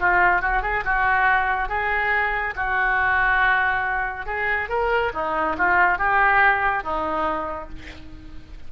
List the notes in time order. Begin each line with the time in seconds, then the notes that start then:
0.00 F4
0.41 F#4
0.62 G#4
0.85 F#4
1.69 G#4
2.56 F#4
4.26 G#4
4.69 A#4
5.14 D#4
5.58 F4
5.98 G4
6.83 D#4